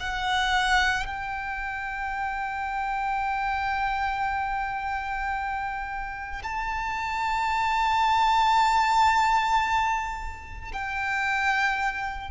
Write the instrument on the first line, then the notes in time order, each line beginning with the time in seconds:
violin
0.00 F#5
1.06 G5
6.43 A5
10.72 G5